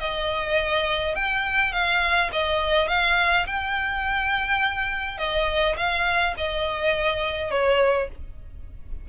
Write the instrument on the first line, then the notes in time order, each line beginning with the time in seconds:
violin
0.00 D#5
1.15 G5
1.73 F5
2.33 D#5
2.88 F5
3.47 G5
5.18 D#5
5.77 F5
6.37 D#5
7.51 C#5